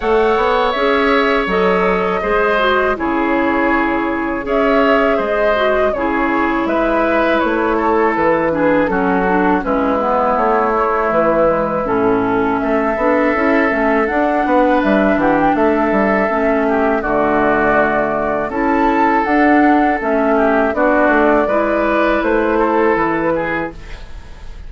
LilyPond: <<
  \new Staff \with { instrumentName = "flute" } { \time 4/4 \tempo 4 = 81 fis''4 e''4 dis''2 | cis''2 e''4 dis''4 | cis''4 e''4 cis''4 b'4 | a'4 b'4 cis''4 b'4 |
a'4 e''2 fis''4 | e''8 fis''16 g''16 e''2 d''4~ | d''4 a''4 fis''4 e''4 | d''2 c''4 b'4 | }
  \new Staff \with { instrumentName = "oboe" } { \time 4/4 cis''2. c''4 | gis'2 cis''4 c''4 | gis'4 b'4. a'4 gis'8 | fis'4 e'2.~ |
e'4 a'2~ a'8 b'8~ | b'8 g'8 a'4. g'8 fis'4~ | fis'4 a'2~ a'8 g'8 | fis'4 b'4. a'4 gis'8 | }
  \new Staff \with { instrumentName = "clarinet" } { \time 4/4 a'4 gis'4 a'4 gis'8 fis'8 | e'2 gis'4. fis'8 | e'2.~ e'8 d'8 | cis'8 d'8 cis'8 b4 a4 gis8 |
cis'4. d'8 e'8 cis'8 d'4~ | d'2 cis'4 a4~ | a4 e'4 d'4 cis'4 | d'4 e'2. | }
  \new Staff \with { instrumentName = "bassoon" } { \time 4/4 a8 b8 cis'4 fis4 gis4 | cis2 cis'4 gis4 | cis4 gis4 a4 e4 | fis4 gis4 a4 e4 |
a,4 a8 b8 cis'8 a8 d'8 b8 | g8 e8 a8 g8 a4 d4~ | d4 cis'4 d'4 a4 | b8 a8 gis4 a4 e4 | }
>>